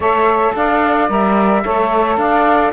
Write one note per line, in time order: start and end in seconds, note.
0.00 0.51 A3
0.00 1.08 A4
0.00 0.54 C#5
0.00 0.55 E5
0.55 1.09 D4
0.55 1.63 D5
0.55 1.10 F5
1.08 1.64 G3
1.08 1.62 A#4
1.08 2.17 E5
1.63 2.16 A3
1.63 2.72 A4
1.63 2.18 C#5
2.16 2.71 D4
2.16 2.72 D5
2.16 2.71 F5